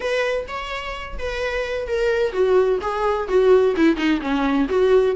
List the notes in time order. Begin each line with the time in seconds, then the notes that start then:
0.00 B4
0.48 C#5
1.18 B4
1.87 A#4
2.32 F#4
2.81 G#4
3.28 F#4
3.76 E4
3.96 D#4
4.21 C#4
4.68 F#4